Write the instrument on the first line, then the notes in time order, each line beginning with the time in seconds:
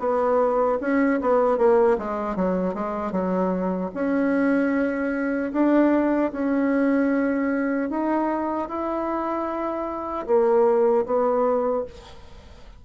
bassoon
0.00 B3
0.81 C#4
1.22 B3
1.58 A#3
1.98 G#3
2.36 F#3
2.75 G#3
3.12 F#3
3.95 C#4
5.53 D4
6.33 C#4
7.90 D#4
8.69 E4
10.27 A#3
11.06 B3